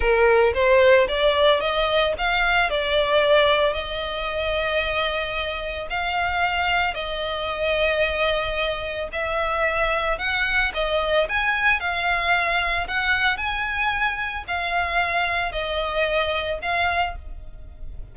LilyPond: \new Staff \with { instrumentName = "violin" } { \time 4/4 \tempo 4 = 112 ais'4 c''4 d''4 dis''4 | f''4 d''2 dis''4~ | dis''2. f''4~ | f''4 dis''2.~ |
dis''4 e''2 fis''4 | dis''4 gis''4 f''2 | fis''4 gis''2 f''4~ | f''4 dis''2 f''4 | }